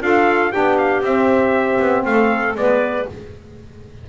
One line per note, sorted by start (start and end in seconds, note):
0.00 0.52 D4
0.00 0.51 F4
0.00 0.52 A4
0.00 0.52 F5
0.51 1.01 B3
0.51 1.02 D4
0.51 2.04 G4
0.51 0.77 G5
0.78 1.03 F5
1.01 1.78 C4
1.01 2.56 C4
1.01 2.05 E5
1.79 2.04 B3
2.05 2.54 A3
2.05 2.58 A4
2.05 2.56 F5
2.54 3.05 G#3
2.54 3.07 B3
2.54 3.09 B4
2.54 3.08 D5